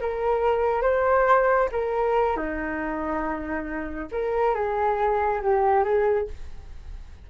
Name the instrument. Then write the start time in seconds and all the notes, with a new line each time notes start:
flute
0.00 A#4
0.82 C5
1.72 A#4
2.37 D#4
4.12 A#4
4.55 G#4
5.42 G4
5.84 G#4